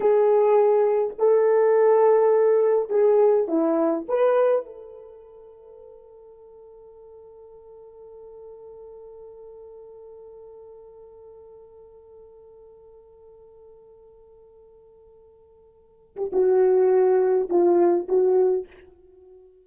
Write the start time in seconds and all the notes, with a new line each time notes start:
0.00 G#4
1.18 A4
2.89 G#4
3.48 E4
4.08 B4
4.65 A4
16.16 G4
16.32 F#4
17.49 F4
18.08 F#4